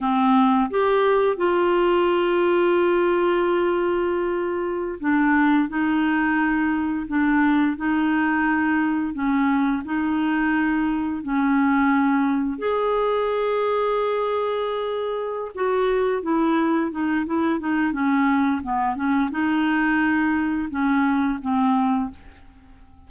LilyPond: \new Staff \with { instrumentName = "clarinet" } { \time 4/4 \tempo 4 = 87 c'4 g'4 f'2~ | f'2.~ f'16 d'8.~ | d'16 dis'2 d'4 dis'8.~ | dis'4~ dis'16 cis'4 dis'4.~ dis'16~ |
dis'16 cis'2 gis'4.~ gis'16~ | gis'2~ gis'8 fis'4 e'8~ | e'8 dis'8 e'8 dis'8 cis'4 b8 cis'8 | dis'2 cis'4 c'4 | }